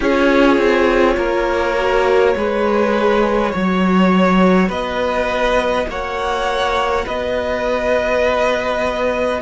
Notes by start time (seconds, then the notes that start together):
0.00 C#4 F4 G#4 C#5
0.57 C4
1.17 A#3 A#4
1.76 F#4
2.36 G#3 G#4 B4
3.51 F#3 F#4 C#5
4.68 B3 B4 D#5
5.88 A#3 C#5 F#5
7.05 B3 B4 D#5